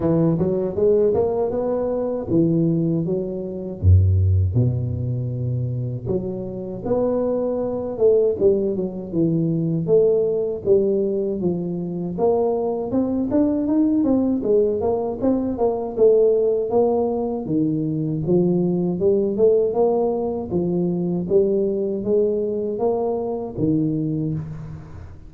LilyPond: \new Staff \with { instrumentName = "tuba" } { \time 4/4 \tempo 4 = 79 e8 fis8 gis8 ais8 b4 e4 | fis4 fis,4 b,2 | fis4 b4. a8 g8 fis8 | e4 a4 g4 f4 |
ais4 c'8 d'8 dis'8 c'8 gis8 ais8 | c'8 ais8 a4 ais4 dis4 | f4 g8 a8 ais4 f4 | g4 gis4 ais4 dis4 | }